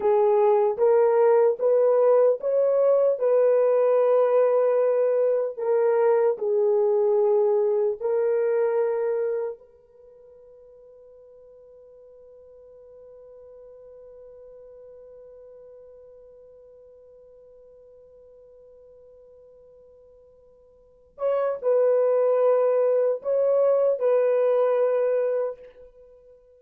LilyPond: \new Staff \with { instrumentName = "horn" } { \time 4/4 \tempo 4 = 75 gis'4 ais'4 b'4 cis''4 | b'2. ais'4 | gis'2 ais'2 | b'1~ |
b'1~ | b'1~ | b'2~ b'8 cis''8 b'4~ | b'4 cis''4 b'2 | }